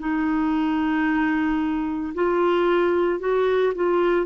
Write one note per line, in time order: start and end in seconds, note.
0.00 2.14 D#4
2.15 3.20 F4
3.20 3.74 F#4
3.75 4.27 F4